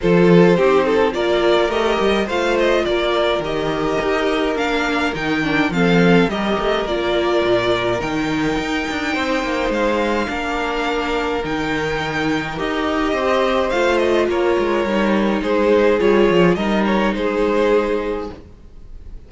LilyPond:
<<
  \new Staff \with { instrumentName = "violin" } { \time 4/4 \tempo 4 = 105 c''2 d''4 dis''4 | f''8 dis''8 d''4 dis''2 | f''4 g''4 f''4 dis''4 | d''2 g''2~ |
g''4 f''2. | g''2 dis''2 | f''8 dis''8 cis''2 c''4 | cis''4 dis''8 cis''8 c''2 | }
  \new Staff \with { instrumentName = "violin" } { \time 4/4 a'4 g'8 a'8 ais'2 | c''4 ais'2.~ | ais'2 a'4 ais'4~ | ais'1 |
c''2 ais'2~ | ais'2. c''4~ | c''4 ais'2 gis'4~ | gis'4 ais'4 gis'2 | }
  \new Staff \with { instrumentName = "viola" } { \time 4/4 f'4 dis'4 f'4 g'4 | f'2 g'2 | d'4 dis'8 d'8 c'4 g'4 | f'2 dis'2~ |
dis'2 d'2 | dis'2 g'2 | f'2 dis'2 | f'4 dis'2. | }
  \new Staff \with { instrumentName = "cello" } { \time 4/4 f4 c'4 ais4 a8 g8 | a4 ais4 dis4 dis'4 | ais4 dis4 f4 g8 a8 | ais4 ais,4 dis4 dis'8 d'8 |
c'8 ais8 gis4 ais2 | dis2 dis'4 c'4 | a4 ais8 gis8 g4 gis4 | g8 f8 g4 gis2 | }
>>